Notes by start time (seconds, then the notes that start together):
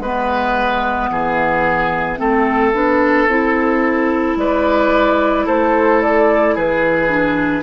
0.00 G#3 B3 B4 E5
1.10 E3 G#4
2.18 A3 C4 A4
2.74 B3 D4
3.27 C4 E4
4.36 G#3 B4 D5
5.46 A3 A4 C5
6.02 D5
6.55 E3 G#4 B4
7.09 D4